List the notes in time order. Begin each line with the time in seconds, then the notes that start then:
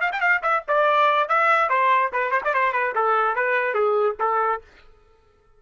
0.00 F5
0.12 G5
0.20 F5
0.42 E5
0.68 D5
1.28 E5
1.69 C5
2.12 B4
2.31 C5
2.44 D5
2.53 C5
2.72 B4
2.95 A4
3.35 B4
3.74 G#4
4.19 A4